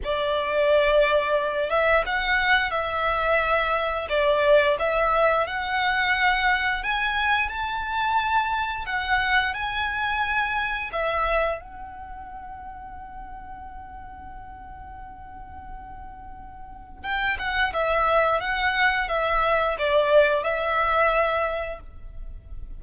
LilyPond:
\new Staff \with { instrumentName = "violin" } { \time 4/4 \tempo 4 = 88 d''2~ d''8 e''8 fis''4 | e''2 d''4 e''4 | fis''2 gis''4 a''4~ | a''4 fis''4 gis''2 |
e''4 fis''2.~ | fis''1~ | fis''4 g''8 fis''8 e''4 fis''4 | e''4 d''4 e''2 | }